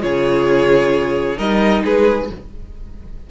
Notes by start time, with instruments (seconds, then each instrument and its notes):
0.00 cello C#3, viola F4, violin G#4 C#5
1.37 cello G3, viola D#4, violin A#4 D#5
1.84 cello G#3, violin G#4 B4